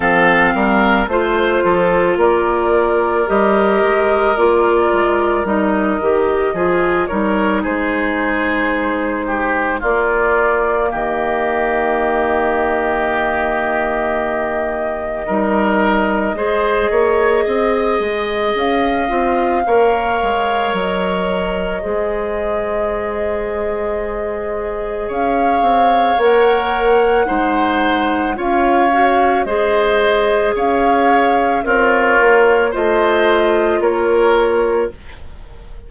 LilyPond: <<
  \new Staff \with { instrumentName = "flute" } { \time 4/4 \tempo 4 = 55 f''4 c''4 d''4 dis''4 | d''4 dis''4. cis''8 c''4~ | c''4 d''4 dis''2~ | dis''1~ |
dis''4 f''2 dis''4~ | dis''2. f''4 | fis''2 f''4 dis''4 | f''4 cis''4 dis''4 cis''4 | }
  \new Staff \with { instrumentName = "oboe" } { \time 4/4 a'8 ais'8 c''8 a'8 ais'2~ | ais'2 gis'8 ais'8 gis'4~ | gis'8 g'8 f'4 g'2~ | g'2 ais'4 c''8 cis''8 |
dis''2 cis''2 | c''2. cis''4~ | cis''4 c''4 cis''4 c''4 | cis''4 f'4 c''4 ais'4 | }
  \new Staff \with { instrumentName = "clarinet" } { \time 4/4 c'4 f'2 g'4 | f'4 dis'8 g'8 f'8 dis'4.~ | dis'4 ais2.~ | ais2 dis'4 gis'4~ |
gis'4. f'8 ais'2 | gis'1 | ais'4 dis'4 f'8 fis'8 gis'4~ | gis'4 ais'4 f'2 | }
  \new Staff \with { instrumentName = "bassoon" } { \time 4/4 f8 g8 a8 f8 ais4 g8 gis8 | ais8 gis8 g8 dis8 f8 g8 gis4~ | gis4 ais4 dis2~ | dis2 g4 gis8 ais8 |
c'8 gis8 cis'8 c'8 ais8 gis8 fis4 | gis2. cis'8 c'8 | ais4 gis4 cis'4 gis4 | cis'4 c'8 ais8 a4 ais4 | }
>>